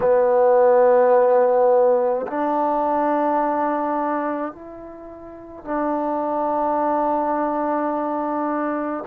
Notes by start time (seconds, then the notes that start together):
0.00 B3
2.26 D4
4.52 E4
5.64 D4